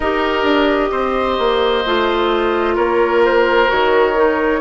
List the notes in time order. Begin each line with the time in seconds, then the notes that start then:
0.00 D#4 G4 A#4 D#5
0.43 D4
0.91 C4 C5
1.38 A#3
1.86 A3 F4
2.75 A#3 A#4 C#5
3.24 C5
3.67 D#3 F#4 C#5
4.16 D#4